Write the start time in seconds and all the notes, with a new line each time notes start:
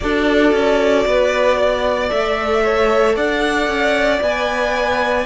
0.00 D4 F#4 A4 D5
0.52 C#4
1.05 B3 B4
1.57 D5
2.09 A3 A4 E5
2.63 C#5
3.16 D4 D5 F#5
3.67 C#4
4.21 B3 B4 G#5